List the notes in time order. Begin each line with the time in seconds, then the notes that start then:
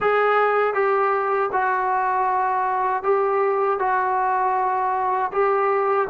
0.00 G#4
0.74 G4
1.52 F#4
3.03 G4
3.79 F#4
5.32 G4